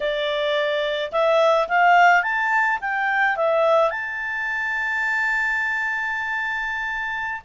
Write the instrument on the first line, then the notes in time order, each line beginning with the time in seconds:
clarinet
0.00 D5
1.12 E5
1.68 F5
2.23 A5
2.80 G5
3.36 E5
3.90 A5